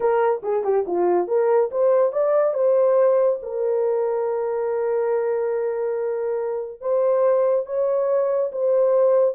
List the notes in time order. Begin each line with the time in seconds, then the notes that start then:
0.00 A#4
0.42 G#4
0.63 G4
0.86 F4
1.27 A#4
1.71 C5
2.12 D5
2.54 C5
3.42 A#4
6.80 C5
7.66 C#5
8.51 C5